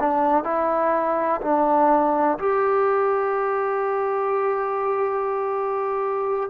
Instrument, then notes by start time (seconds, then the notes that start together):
trombone
0.00 D4
0.44 E4
1.42 D4
2.39 G4